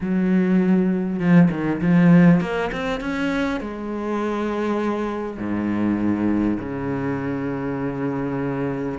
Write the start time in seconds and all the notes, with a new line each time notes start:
0.00 F#3
1.19 F3
1.51 D#3
1.81 F3
2.40 A#3
2.71 C4
3.00 C#4
3.60 G#3
5.37 G#2
6.59 C#3